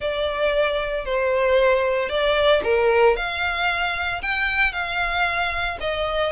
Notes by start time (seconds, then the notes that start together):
0.00 D5
1.05 C5
2.09 D5
2.63 A#4
3.16 F5
4.22 G5
4.72 F5
5.80 D#5